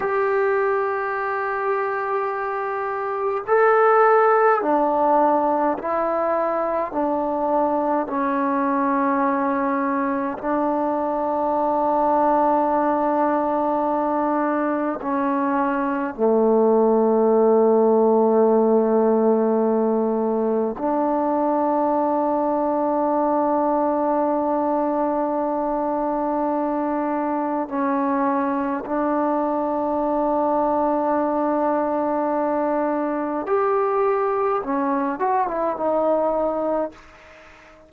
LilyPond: \new Staff \with { instrumentName = "trombone" } { \time 4/4 \tempo 4 = 52 g'2. a'4 | d'4 e'4 d'4 cis'4~ | cis'4 d'2.~ | d'4 cis'4 a2~ |
a2 d'2~ | d'1 | cis'4 d'2.~ | d'4 g'4 cis'8 fis'16 e'16 dis'4 | }